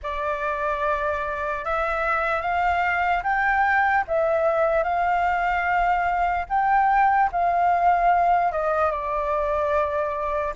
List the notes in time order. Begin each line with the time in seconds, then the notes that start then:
0.02 D5
1.64 E5
2.41 F5
3.23 G5
4.07 E5
4.83 F5
6.49 G5
7.32 F5
8.51 D#5
8.91 D5